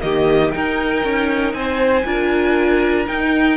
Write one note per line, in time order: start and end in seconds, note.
0.00 0.54 D#3
0.00 0.51 A#3
0.00 0.55 G4
0.00 0.51 D#5
0.51 2.05 D#4
0.51 1.04 D#4
0.51 1.56 A#4
0.51 1.53 G5
1.04 1.53 C#4
1.53 2.04 C4
1.53 2.06 C5
1.53 3.06 G#5
2.05 3.07 D4
2.05 3.06 F4
2.05 3.57 A#4
3.06 3.57 D#4
3.06 3.57 G5